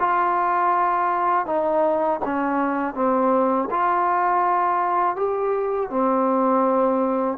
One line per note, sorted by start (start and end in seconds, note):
0.00 1.46 F4
1.46 2.20 D#4
2.25 2.95 C#4
2.95 3.69 C4
3.71 5.16 F4
5.16 5.90 G4
5.90 7.38 C4